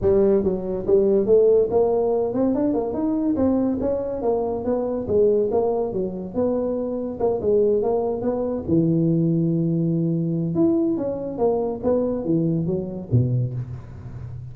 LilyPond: \new Staff \with { instrumentName = "tuba" } { \time 4/4 \tempo 4 = 142 g4 fis4 g4 a4 | ais4. c'8 d'8 ais8 dis'4 | c'4 cis'4 ais4 b4 | gis4 ais4 fis4 b4~ |
b4 ais8 gis4 ais4 b8~ | b8 e2.~ e8~ | e4 e'4 cis'4 ais4 | b4 e4 fis4 b,4 | }